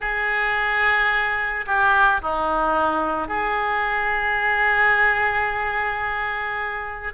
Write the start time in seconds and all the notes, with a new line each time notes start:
0.00 G#4
1.66 G4
2.21 D#4
3.28 G#4